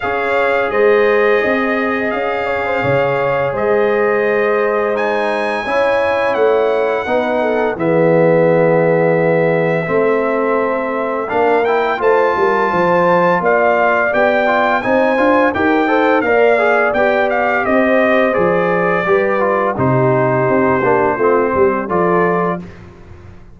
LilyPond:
<<
  \new Staff \with { instrumentName = "trumpet" } { \time 4/4 \tempo 4 = 85 f''4 dis''2 f''4~ | f''4 dis''2 gis''4~ | gis''4 fis''2 e''4~ | e''1 |
f''8 g''8 a''2 f''4 | g''4 gis''4 g''4 f''4 | g''8 f''8 dis''4 d''2 | c''2. d''4 | }
  \new Staff \with { instrumentName = "horn" } { \time 4/4 cis''4 c''4 dis''4. cis''16 c''16 | cis''4 c''2. | cis''2 b'8 a'8 gis'4~ | gis'2 a'2 |
ais'4 c''8 ais'8 c''4 d''4~ | d''4 c''4 ais'8 c''8 d''4~ | d''4 c''2 b'4 | g'2 f'8 g'8 a'4 | }
  \new Staff \with { instrumentName = "trombone" } { \time 4/4 gis'1~ | gis'2. dis'4 | e'2 dis'4 b4~ | b2 c'2 |
d'8 e'8 f'2. | g'8 f'8 dis'8 f'8 g'8 a'8 ais'8 gis'8 | g'2 gis'4 g'8 f'8 | dis'4. d'8 c'4 f'4 | }
  \new Staff \with { instrumentName = "tuba" } { \time 4/4 cis'4 gis4 c'4 cis'4 | cis4 gis2. | cis'4 a4 b4 e4~ | e2 a2 |
ais4 a8 g8 f4 ais4 | b4 c'8 d'8 dis'4 ais4 | b4 c'4 f4 g4 | c4 c'8 ais8 a8 g8 f4 | }
>>